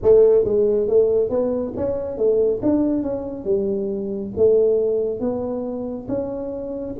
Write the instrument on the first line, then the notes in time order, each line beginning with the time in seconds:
tuba
0.02 A3
0.44 G#3
0.87 A3
1.29 B3
1.76 C#4
2.17 A3
2.62 D4
3.02 C#4
3.44 G3
4.37 A3
5.20 B3
6.08 C#4